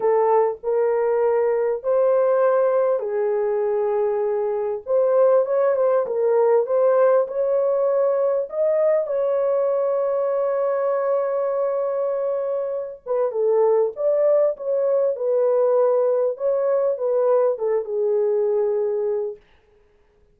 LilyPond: \new Staff \with { instrumentName = "horn" } { \time 4/4 \tempo 4 = 99 a'4 ais'2 c''4~ | c''4 gis'2. | c''4 cis''8 c''8 ais'4 c''4 | cis''2 dis''4 cis''4~ |
cis''1~ | cis''4. b'8 a'4 d''4 | cis''4 b'2 cis''4 | b'4 a'8 gis'2~ gis'8 | }